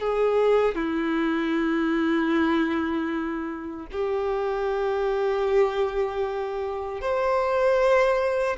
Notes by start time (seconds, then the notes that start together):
0.00 G#4
0.75 E4
3.92 G4
7.01 C5